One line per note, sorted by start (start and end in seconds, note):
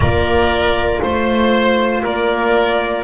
0.00 0.99 A#3
0.00 3.04 F4
0.00 1.02 A#4
0.00 1.01 D5
1.01 2.03 A3
1.01 2.03 C5
1.01 2.04 C5
2.03 3.04 A#3
2.03 3.04 A#4
2.03 3.04 D5